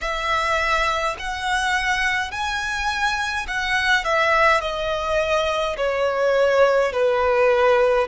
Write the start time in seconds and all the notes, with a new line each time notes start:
0.01 E5
1.19 F#5
2.31 G#5
3.47 F#5
4.04 E5
4.60 D#5
5.76 C#5
6.92 B4